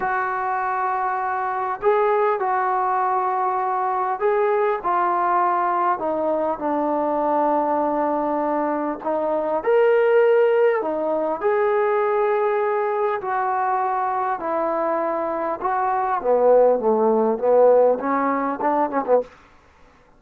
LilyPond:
\new Staff \with { instrumentName = "trombone" } { \time 4/4 \tempo 4 = 100 fis'2. gis'4 | fis'2. gis'4 | f'2 dis'4 d'4~ | d'2. dis'4 |
ais'2 dis'4 gis'4~ | gis'2 fis'2 | e'2 fis'4 b4 | a4 b4 cis'4 d'8 cis'16 b16 | }